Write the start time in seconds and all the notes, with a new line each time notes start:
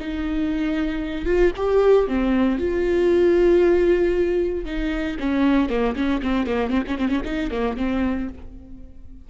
0.00 D#4
1.26 F4
1.57 G4
2.08 C4
2.59 F4
4.66 D#4
5.20 C#4
5.70 A#3
5.96 C#4
6.23 C4
6.47 A#3
6.70 C4
6.88 C#4
6.99 C4
7.09 C#4
7.25 D#4
7.51 A#3
7.77 C4